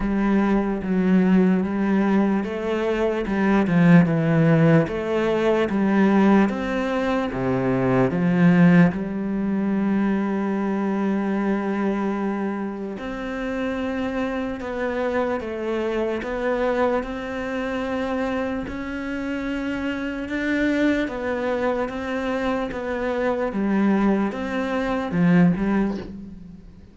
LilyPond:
\new Staff \with { instrumentName = "cello" } { \time 4/4 \tempo 4 = 74 g4 fis4 g4 a4 | g8 f8 e4 a4 g4 | c'4 c4 f4 g4~ | g1 |
c'2 b4 a4 | b4 c'2 cis'4~ | cis'4 d'4 b4 c'4 | b4 g4 c'4 f8 g8 | }